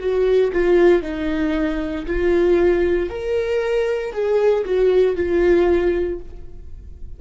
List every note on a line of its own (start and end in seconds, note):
0.00 0.52 F#4
0.53 1.03 F4
1.03 2.06 D#4
2.06 3.10 F4
3.10 4.13 A#4
4.13 4.65 G#4
4.65 5.17 F#4
5.17 6.20 F4